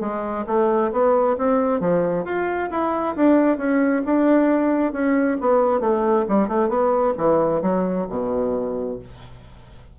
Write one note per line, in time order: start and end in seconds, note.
0.00 0.45 G#3
0.47 0.91 A3
0.92 1.36 B3
1.38 1.80 C4
1.80 2.24 F3
2.24 2.69 F4
2.70 3.15 E4
3.15 3.57 D4
3.57 4.02 C#4
4.05 4.92 D4
4.92 5.37 C#4
5.40 5.80 B3
5.80 6.25 A3
6.28 6.48 G3
6.48 6.68 A3
6.68 7.13 B3
7.17 7.62 E3
7.62 8.07 F#3
8.09 8.99 B2